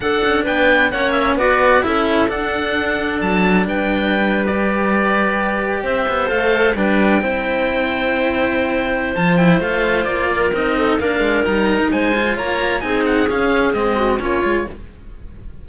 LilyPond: <<
  \new Staff \with { instrumentName = "oboe" } { \time 4/4 \tempo 4 = 131 fis''4 g''4 fis''8 e''8 d''4 | e''4 fis''2 a''4 | g''4.~ g''16 d''2~ d''16~ | d''8. e''4 f''4 g''4~ g''16~ |
g''1 | a''8 g''8 f''4 d''4 dis''4 | f''4 ais''4 gis''4 ais''4 | gis''8 fis''8 f''4 dis''4 cis''4 | }
  \new Staff \with { instrumentName = "clarinet" } { \time 4/4 a'4 b'4 cis''4 b'4 | a'1 | b'1~ | b'8. c''2 b'4 c''16~ |
c''1~ | c''2~ c''8 ais'4 a'8 | ais'2 c''4 cis''4 | gis'2~ gis'8 fis'8 f'4 | }
  \new Staff \with { instrumentName = "cello" } { \time 4/4 d'2 cis'4 fis'4 | e'4 d'2.~ | d'4.~ d'16 g'2~ g'16~ | g'4.~ g'16 a'4 d'4 e'16~ |
e'1 | f'8 e'8 f'2 dis'4 | d'4 dis'4. f'4. | dis'4 cis'4 c'4 cis'8 f'8 | }
  \new Staff \with { instrumentName = "cello" } { \time 4/4 d'8 cis'8 b4 ais4 b4 | cis'4 d'2 fis4 | g1~ | g8. c'8 b8 a4 g4 c'16~ |
c'1 | f4 a4 ais4 c'4 | ais8 gis8 g8. dis'16 gis4 ais4 | c'4 cis'4 gis4 ais8 gis8 | }
>>